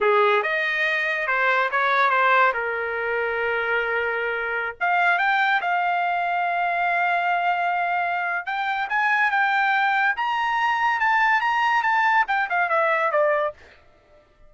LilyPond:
\new Staff \with { instrumentName = "trumpet" } { \time 4/4 \tempo 4 = 142 gis'4 dis''2 c''4 | cis''4 c''4 ais'2~ | ais'2.~ ais'16 f''8.~ | f''16 g''4 f''2~ f''8.~ |
f''1 | g''4 gis''4 g''2 | ais''2 a''4 ais''4 | a''4 g''8 f''8 e''4 d''4 | }